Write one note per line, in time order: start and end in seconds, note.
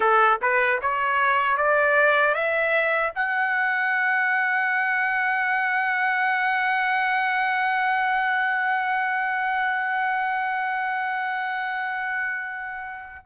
0.00 0.39 A4
0.41 0.80 B4
0.81 1.57 C#5
1.57 2.34 D5
2.34 3.12 E5
3.14 13.25 F#5